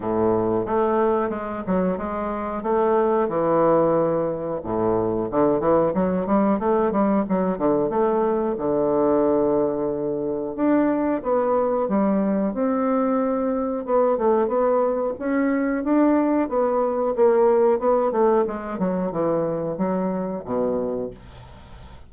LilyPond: \new Staff \with { instrumentName = "bassoon" } { \time 4/4 \tempo 4 = 91 a,4 a4 gis8 fis8 gis4 | a4 e2 a,4 | d8 e8 fis8 g8 a8 g8 fis8 d8 | a4 d2. |
d'4 b4 g4 c'4~ | c'4 b8 a8 b4 cis'4 | d'4 b4 ais4 b8 a8 | gis8 fis8 e4 fis4 b,4 | }